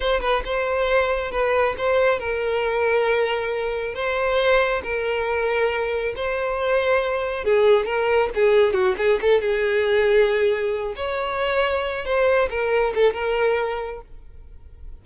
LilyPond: \new Staff \with { instrumentName = "violin" } { \time 4/4 \tempo 4 = 137 c''8 b'8 c''2 b'4 | c''4 ais'2.~ | ais'4 c''2 ais'4~ | ais'2 c''2~ |
c''4 gis'4 ais'4 gis'4 | fis'8 gis'8 a'8 gis'2~ gis'8~ | gis'4 cis''2~ cis''8 c''8~ | c''8 ais'4 a'8 ais'2 | }